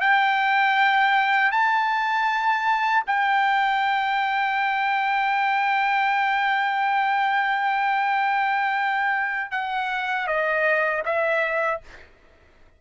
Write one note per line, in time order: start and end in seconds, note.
0.00 1.52 G5
1.52 3.03 A5
3.07 9.51 G5
9.51 10.27 F#5
10.27 11.03 D#5
11.05 11.81 E5